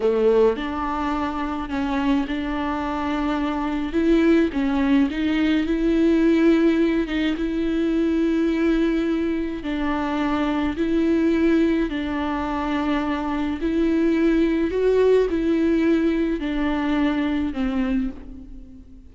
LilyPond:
\new Staff \with { instrumentName = "viola" } { \time 4/4 \tempo 4 = 106 a4 d'2 cis'4 | d'2. e'4 | cis'4 dis'4 e'2~ | e'8 dis'8 e'2.~ |
e'4 d'2 e'4~ | e'4 d'2. | e'2 fis'4 e'4~ | e'4 d'2 c'4 | }